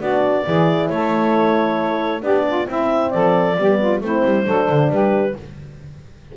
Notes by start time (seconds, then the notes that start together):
0.00 B3 D4 F#4 D5
0.47 E3 E4 G#4
0.89 A3 A4 C#5
2.22 B3 D4 G4 D5
2.47 F4
2.66 C4 E4 E5
3.11 F3 A4 D5
3.58 G3 B3 G4
3.80 F4
4.01 A3 C4 E4 C5
4.25 G3
4.44 F#3 D4 A4
4.70 D3
4.90 G3 G4 B4